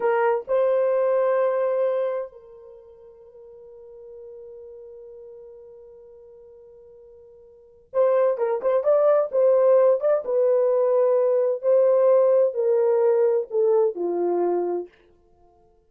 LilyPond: \new Staff \with { instrumentName = "horn" } { \time 4/4 \tempo 4 = 129 ais'4 c''2.~ | c''4 ais'2.~ | ais'1~ | ais'1~ |
ais'4 c''4 ais'8 c''8 d''4 | c''4. d''8 b'2~ | b'4 c''2 ais'4~ | ais'4 a'4 f'2 | }